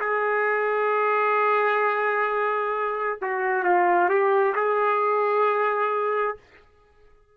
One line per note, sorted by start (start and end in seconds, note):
0.00 3.18 G#4
3.21 3.63 F#4
3.63 4.09 F4
4.09 4.54 G4
4.55 6.37 G#4